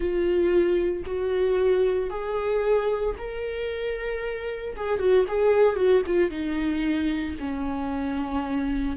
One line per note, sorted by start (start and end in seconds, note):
0.00 1.03 F4
1.05 2.10 F#4
2.10 3.15 G#4
3.18 4.76 A#4
4.76 4.99 G#4
4.99 5.25 F#4
5.27 5.76 G#4
5.76 6.02 F#4
6.06 6.30 F4
6.30 7.35 D#4
7.39 8.96 C#4